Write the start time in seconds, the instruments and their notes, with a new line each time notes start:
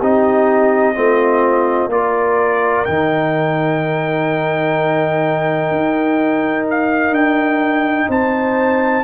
0.00 tuba C4, trombone D#4, horn G4, trumpet D#5
0.95 tuba A3, trombone C4, horn F4
1.87 tuba A#3, trombone F4, horn A#4, trumpet D5
2.85 tuba D#3, trombone D#4, trumpet G5
5.71 tuba D#4
6.71 trumpet F5
7.11 tuba D4, trumpet G5
8.09 tuba C4, horn C5, trumpet A5